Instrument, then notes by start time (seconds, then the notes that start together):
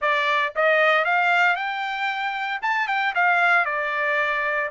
trumpet
0.01 D5
0.55 D#5
1.04 F5
1.55 G5
2.61 A5
2.87 G5
3.14 F5
3.65 D5